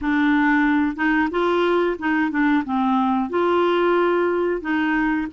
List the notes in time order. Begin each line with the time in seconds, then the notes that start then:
0.01 D4
0.96 D#4
1.30 F4
1.98 D#4
2.30 D4
2.64 C4
3.29 F4
4.61 D#4